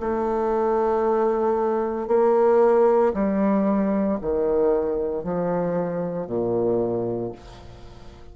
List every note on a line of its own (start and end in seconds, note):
0.00 2.08 A3
2.08 3.13 A#3
3.14 4.19 G3
4.22 5.23 D#3
5.23 6.27 F3
6.27 7.32 A#2